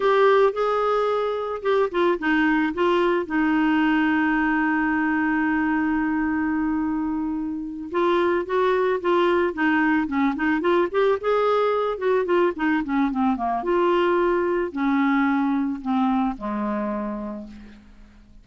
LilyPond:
\new Staff \with { instrumentName = "clarinet" } { \time 4/4 \tempo 4 = 110 g'4 gis'2 g'8 f'8 | dis'4 f'4 dis'2~ | dis'1~ | dis'2~ dis'8 f'4 fis'8~ |
fis'8 f'4 dis'4 cis'8 dis'8 f'8 | g'8 gis'4. fis'8 f'8 dis'8 cis'8 | c'8 ais8 f'2 cis'4~ | cis'4 c'4 gis2 | }